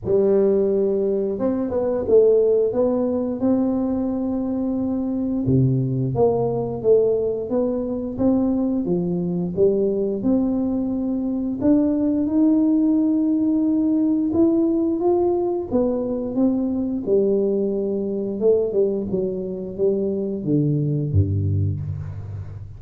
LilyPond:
\new Staff \with { instrumentName = "tuba" } { \time 4/4 \tempo 4 = 88 g2 c'8 b8 a4 | b4 c'2. | c4 ais4 a4 b4 | c'4 f4 g4 c'4~ |
c'4 d'4 dis'2~ | dis'4 e'4 f'4 b4 | c'4 g2 a8 g8 | fis4 g4 d4 g,4 | }